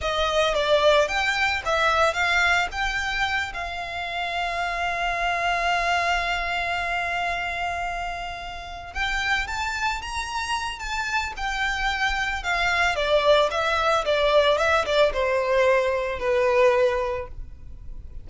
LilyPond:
\new Staff \with { instrumentName = "violin" } { \time 4/4 \tempo 4 = 111 dis''4 d''4 g''4 e''4 | f''4 g''4. f''4.~ | f''1~ | f''1~ |
f''8 g''4 a''4 ais''4. | a''4 g''2 f''4 | d''4 e''4 d''4 e''8 d''8 | c''2 b'2 | }